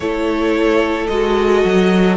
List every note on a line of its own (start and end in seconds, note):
0.00 1.07 A3
0.00 1.10 E4
0.00 2.17 A4
0.00 1.07 C#5
1.07 1.64 G#3
1.07 2.17 F#4
1.07 2.16 D#5
1.64 2.17 F#3